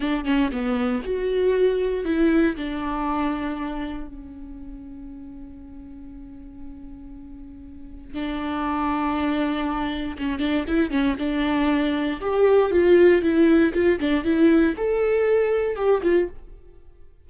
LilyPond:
\new Staff \with { instrumentName = "viola" } { \time 4/4 \tempo 4 = 118 d'8 cis'8 b4 fis'2 | e'4 d'2. | cis'1~ | cis'1 |
d'1 | cis'8 d'8 e'8 cis'8 d'2 | g'4 f'4 e'4 f'8 d'8 | e'4 a'2 g'8 f'8 | }